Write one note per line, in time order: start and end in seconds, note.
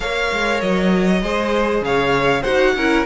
0.00 0.30 A#3
0.00 1.20 A#4
0.00 1.23 C#5
0.00 0.61 F5
0.32 0.62 G#3
0.61 1.22 F#3
0.61 1.83 D#5
1.22 1.81 G#3
1.22 2.46 G#4
1.22 1.84 C5
1.81 2.42 C#3
1.81 2.41 C#5
1.81 2.43 F5
2.41 2.76 D#4
2.41 2.76 F#4
2.41 2.72 C5
2.41 3.04 F#5
2.76 3.06 C#4
2.76 3.06 E4
2.76 3.06 A#4